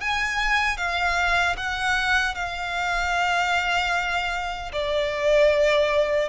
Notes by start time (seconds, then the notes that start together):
0.00 G#5
0.77 F5
1.56 F#5
2.34 F5
4.72 D5